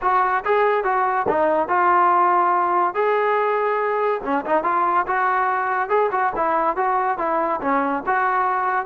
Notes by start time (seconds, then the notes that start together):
0.01 F#4
0.44 G#4
0.84 F#4
1.28 D#4
1.68 F4
2.94 G#4
4.24 C#4
4.45 D#4
4.63 F4
5.06 F#4
5.89 G#4
6.11 F#4
6.36 E4
6.76 F#4
7.18 E4
7.61 C#4
8.06 F#4